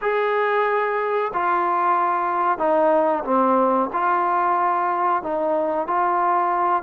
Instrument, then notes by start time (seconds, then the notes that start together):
trombone
0.01 G#4
1.33 F4
2.58 D#4
3.24 C4
3.92 F4
5.22 D#4
5.87 F4